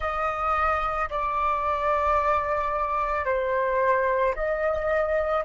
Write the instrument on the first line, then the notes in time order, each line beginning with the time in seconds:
flute
0.00 D#5
1.10 D5
3.25 C5
4.35 D#5